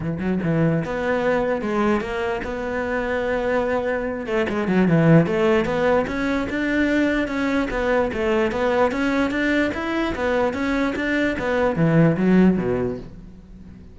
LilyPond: \new Staff \with { instrumentName = "cello" } { \time 4/4 \tempo 4 = 148 e8 fis8 e4 b2 | gis4 ais4 b2~ | b2~ b8 a8 gis8 fis8 | e4 a4 b4 cis'4 |
d'2 cis'4 b4 | a4 b4 cis'4 d'4 | e'4 b4 cis'4 d'4 | b4 e4 fis4 b,4 | }